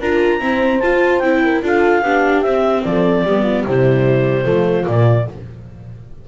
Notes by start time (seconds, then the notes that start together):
0.00 D4 F4 A#4 A#5
0.40 C4 E4 C5
0.80 F4 A5
1.19 C4 E4 G5
1.44 A#4
1.62 D4 F4 A4 F5
2.03 B3 D4 G4
2.42 C4 E5
2.83 F3 A4 D5
3.25 G3 B3 G4
3.43 F4
3.66 C3 G3 E4 C5
4.43 F3 A3 F4
4.84 A#2 A#3 D5